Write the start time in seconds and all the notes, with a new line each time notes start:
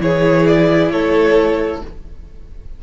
0.00 E3 E4 G#4 C#5
0.47 D5
0.91 A3 A4 C#5